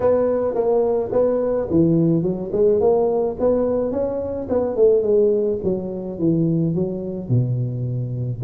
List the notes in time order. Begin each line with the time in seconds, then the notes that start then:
0.00 B3
0.54 A#3
1.12 B3
1.70 E3
2.23 F#3
2.52 G#3
2.80 A#3
3.39 B3
3.91 C#4
4.49 B3
4.75 A3
5.02 G#3
5.63 F#3
6.19 E3
6.74 F#3
7.28 B2